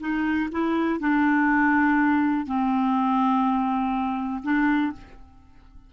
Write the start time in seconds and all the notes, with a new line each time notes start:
0.00 D#4
0.52 E4
0.99 D4
2.46 C4
4.43 D4